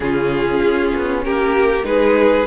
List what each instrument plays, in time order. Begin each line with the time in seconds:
0.00 cello C#3, viola C#4, violin F4 G#4
0.62 cello C#4
0.95 cello B3
1.24 cello A#3, violin G4 A#4
1.83 cello G#3, viola D#4, violin G#4 B4